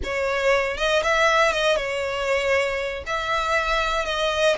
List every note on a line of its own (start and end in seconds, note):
0.03 0.77 C#5
0.77 1.02 D#5
1.02 1.52 E5
1.52 1.76 D#5
1.76 3.03 C#5
3.06 4.05 E5
4.05 4.56 D#5